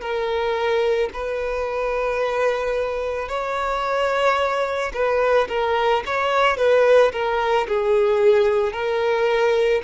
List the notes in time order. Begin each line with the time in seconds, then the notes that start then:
0.00 A#4
1.13 B4
3.28 C#5
4.93 B4
5.48 A#4
6.05 C#5
6.57 B4
7.12 A#4
7.68 G#4
8.72 A#4